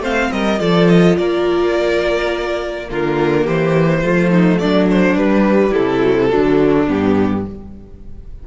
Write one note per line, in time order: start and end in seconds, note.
0.00 0.29 A3
0.00 0.59 C4
0.00 0.32 C5
0.00 0.32 F5
0.32 0.61 G3
0.32 0.60 A#4
0.32 0.61 D#5
0.59 1.18 F3
0.59 2.88 F4
0.59 1.17 A4
0.59 0.89 D5
0.89 1.17 D#5
1.18 2.90 A#3
1.18 2.90 A#4
1.18 2.89 D5
2.88 3.47 D3
2.88 4.02 A#3
2.88 3.44 F4
2.88 3.47 A#4
3.44 4.04 E3
3.44 4.01 G4
3.44 4.59 C5
4.02 4.61 F3
4.02 5.17 A3
4.02 4.31 F4
4.31 4.60 D#4
4.59 5.15 F#3
4.59 5.70 D4
4.59 4.87 D5
4.91 5.17 C5
5.15 5.72 G3
5.15 6.02 G3
5.15 5.74 B4
5.70 6.28 E4
5.70 6.88 A4
5.78 6.34 C3
6.02 6.16 F#3
6.18 6.29 E3
6.29 6.89 D3
6.29 6.86 F#3
6.29 7.46 D4
6.88 7.46 G2
6.88 7.45 B3
6.88 7.47 G4